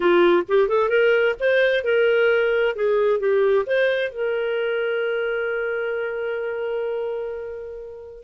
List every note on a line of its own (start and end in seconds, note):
0.00 0.43 F4
0.48 0.68 G4
0.68 0.89 A4
0.89 1.35 A#4
1.39 1.83 C5
1.83 2.75 A#4
2.75 3.19 G#4
3.19 3.65 G4
3.66 4.11 C5
4.11 8.23 A#4